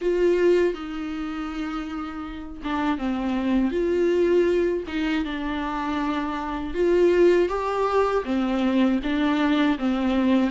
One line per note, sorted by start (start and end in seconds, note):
0.01 0.74 F4
0.74 2.61 D#4
2.63 2.98 D4
2.98 3.71 C4
3.71 4.83 F4
4.87 5.24 D#4
5.25 6.74 D4
6.74 7.48 F4
7.48 8.23 G4
8.24 8.99 C4
9.03 9.78 D4
9.78 10.50 C4